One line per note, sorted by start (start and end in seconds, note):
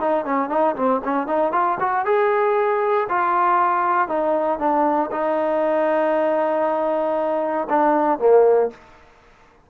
0.00 0.25 D#4
0.25 0.50 C#4
0.50 0.76 D#4
0.76 1.02 C4
1.04 1.27 C#4
1.27 1.53 D#4
1.53 1.78 F4
1.80 2.06 F#4
2.06 3.08 G#4
3.09 4.08 F4
4.08 4.59 D#4
4.59 5.10 D4
5.12 7.68 D#4
7.70 8.19 D4
8.19 8.70 A#3